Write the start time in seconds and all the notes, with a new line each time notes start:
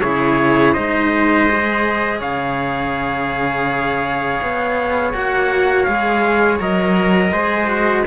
0.00 C#3 E4 G#4 C#5
0.73 G#3 D#4 C5 D#5
1.50 G#4
2.19 C#3 C#5 F5
4.42 B3
5.13 A#3 F#4 F#5
5.84 G#3 G#4 F5
6.60 F#3 A#4 D#5
7.32 G#3 G#4 C5
7.67 F#4